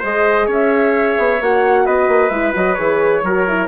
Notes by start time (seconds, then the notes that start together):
0.00 G#3 G#4 C5 D#5
0.47 C#4 C#5 E5
1.18 B3
1.41 A#3 F#4 F#5
1.86 B3 B4 D#5
2.08 A#3
2.30 G#3 E4 E5
2.53 F#3 F#4 D#5
2.75 E3 G#4 C#5
3.23 F#3 F#4 A#4
3.48 E4